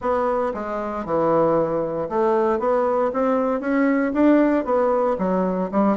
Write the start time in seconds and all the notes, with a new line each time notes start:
0.01 B3
0.54 G#3
1.05 E3
2.09 A3
2.59 B3
3.13 C4
3.60 C#4
4.13 D4
4.65 B3
5.18 F#3
5.71 G3